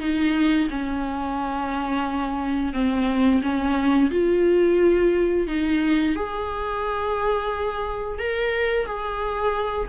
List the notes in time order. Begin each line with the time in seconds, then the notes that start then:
0.00 D#4
0.70 C#4
2.73 C4
3.42 C#4
4.11 F4
5.47 D#4
6.16 G#4
8.19 A#4
8.86 G#4